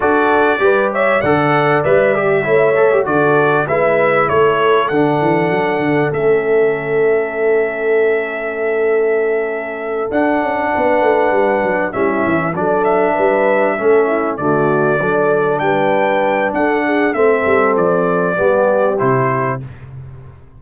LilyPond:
<<
  \new Staff \with { instrumentName = "trumpet" } { \time 4/4 \tempo 4 = 98 d''4. e''8 fis''4 e''4~ | e''4 d''4 e''4 cis''4 | fis''2 e''2~ | e''1~ |
e''8 fis''2. e''8~ | e''8 d''8 e''2~ e''8 d''8~ | d''4. g''4. fis''4 | e''4 d''2 c''4 | }
  \new Staff \with { instrumentName = "horn" } { \time 4/4 a'4 b'8 cis''8 d''2 | cis''4 a'4 b'4 a'4~ | a'1~ | a'1~ |
a'4. b'2 e'8~ | e'8 a'4 b'4 a'8 e'8 fis'8~ | fis'8 a'4 b'4. a'8 gis'8 | a'2 g'2 | }
  \new Staff \with { instrumentName = "trombone" } { \time 4/4 fis'4 g'4 a'4 b'8 g'8 | e'8 a'16 g'16 fis'4 e'2 | d'2 cis'2~ | cis'1~ |
cis'8 d'2. cis'8~ | cis'8 d'2 cis'4 a8~ | a8 d'2.~ d'8 | c'2 b4 e'4 | }
  \new Staff \with { instrumentName = "tuba" } { \time 4/4 d'4 g4 d4 g4 | a4 d4 gis4 a4 | d8 e8 fis8 d8 a2~ | a1~ |
a8 d'8 cis'8 b8 a8 g8 fis8 g8 | e8 fis4 g4 a4 d8~ | d8 fis4 g4. d'4 | a8 g8 f4 g4 c4 | }
>>